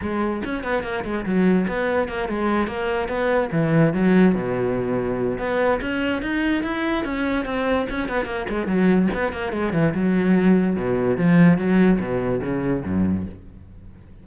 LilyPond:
\new Staff \with { instrumentName = "cello" } { \time 4/4 \tempo 4 = 145 gis4 cis'8 b8 ais8 gis8 fis4 | b4 ais8 gis4 ais4 b8~ | b8 e4 fis4 b,4.~ | b,4 b4 cis'4 dis'4 |
e'4 cis'4 c'4 cis'8 b8 | ais8 gis8 fis4 b8 ais8 gis8 e8 | fis2 b,4 f4 | fis4 b,4 cis4 fis,4 | }